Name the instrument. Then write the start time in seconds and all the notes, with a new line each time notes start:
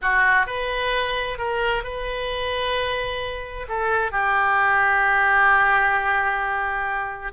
oboe
0.01 F#4
0.46 B4
1.38 A#4
1.83 B4
3.68 A4
4.11 G4